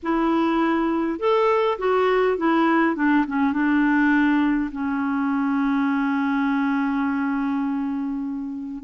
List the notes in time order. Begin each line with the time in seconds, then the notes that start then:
0.03 E4
1.19 A4
1.78 F#4
2.37 E4
2.95 D4
3.27 C#4
3.52 D4
4.71 C#4